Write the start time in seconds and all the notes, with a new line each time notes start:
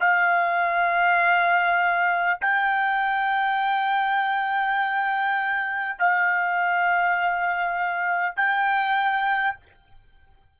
0.00 F5
2.41 G5
5.98 F5
8.36 G5